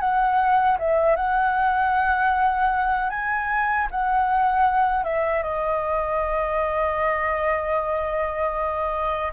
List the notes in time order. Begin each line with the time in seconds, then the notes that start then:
0.00 F#5
0.79 E5
1.16 F#5
3.10 G#5
3.91 F#5
5.04 E5
5.43 D#5